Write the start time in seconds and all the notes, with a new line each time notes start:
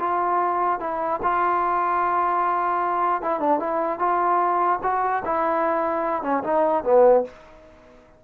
0.00 F4
0.80 E4
1.23 F4
3.22 E4
3.40 D4
3.60 E4
3.99 F4
4.83 F#4
5.25 E4
6.23 C#4
6.44 D#4
6.84 B3